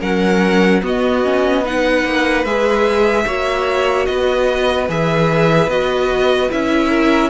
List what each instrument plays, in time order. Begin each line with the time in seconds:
0.00 cello F#3, viola C#4, violin A#4 F#5
0.82 viola B3, cello B3, violin F#4 D#5
1.24 viola C#4
1.62 viola D#4, violin B4 F#5
2.04 cello A#3
2.44 cello G#3, viola G#4, violin E5
3.25 cello A#3, viola F#4, violin C#5
4.05 cello B3, violin B4 D#5
4.88 cello E3, viola G#4, violin E5
5.67 cello B3, viola F#4, violin D#5
6.49 cello C#4, viola E4, violin E5
6.89 violin A#4